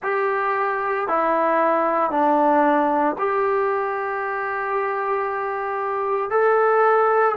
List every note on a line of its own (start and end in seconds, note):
0.02 1.08 G4
1.08 2.11 E4
2.11 3.16 D4
3.18 6.30 G4
6.30 7.35 A4